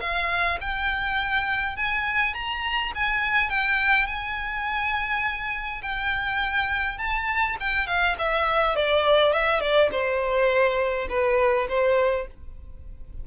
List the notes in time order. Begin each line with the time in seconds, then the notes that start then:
0.00 F5
0.60 G5
1.76 G#5
2.34 A#5
2.94 G#5
3.49 G5
4.06 G#5
5.82 G5
6.98 A5
7.60 G5
7.86 F5
8.18 E5
8.75 D5
9.32 E5
9.60 D5
9.91 C5
11.09 B4
11.68 C5